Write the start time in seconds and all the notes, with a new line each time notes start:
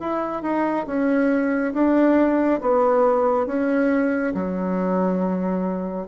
0.00 E4
0.42 D#4
0.86 C#4
1.73 D4
2.61 B3
3.46 C#4
4.34 F#3